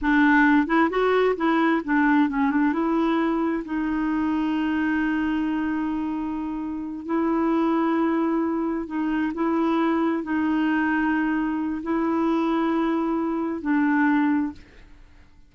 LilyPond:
\new Staff \with { instrumentName = "clarinet" } { \time 4/4 \tempo 4 = 132 d'4. e'8 fis'4 e'4 | d'4 cis'8 d'8 e'2 | dis'1~ | dis'2.~ dis'8 e'8~ |
e'2.~ e'8 dis'8~ | dis'8 e'2 dis'4.~ | dis'2 e'2~ | e'2 d'2 | }